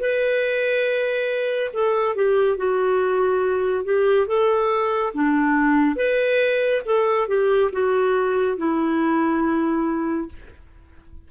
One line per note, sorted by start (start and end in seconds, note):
0.00 1.71 B4
1.74 2.16 A4
2.16 2.57 G4
2.57 3.85 F#4
3.85 4.27 G4
4.27 5.13 A4
5.14 5.96 D4
5.96 6.82 B4
6.86 7.28 A4
7.28 7.71 G4
7.73 8.58 F#4
8.58 10.29 E4